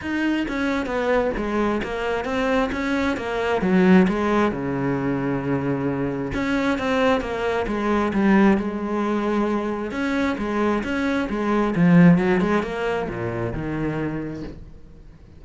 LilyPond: \new Staff \with { instrumentName = "cello" } { \time 4/4 \tempo 4 = 133 dis'4 cis'4 b4 gis4 | ais4 c'4 cis'4 ais4 | fis4 gis4 cis2~ | cis2 cis'4 c'4 |
ais4 gis4 g4 gis4~ | gis2 cis'4 gis4 | cis'4 gis4 f4 fis8 gis8 | ais4 ais,4 dis2 | }